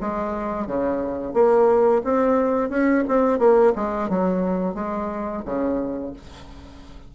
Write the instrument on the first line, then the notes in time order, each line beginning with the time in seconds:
bassoon
0.00 G#3
0.66 C#3
1.33 A#3
2.04 C4
2.69 C#4
3.08 C4
3.38 A#3
3.75 G#3
4.09 F#3
4.74 G#3
5.45 C#3